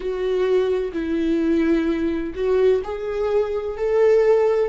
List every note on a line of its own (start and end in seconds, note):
0.00 0.92 F#4
0.92 2.33 E4
2.34 2.81 F#4
2.84 3.77 G#4
3.77 4.69 A4